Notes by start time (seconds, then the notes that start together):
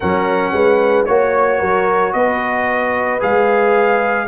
0.00 F#3 C#4 A#4 F#5
0.52 G#3 B4
1.05 A#3 F#4 C#5
1.58 F#3 A#4
2.12 B3 B4 D#5
3.19 G#3 G#4 F5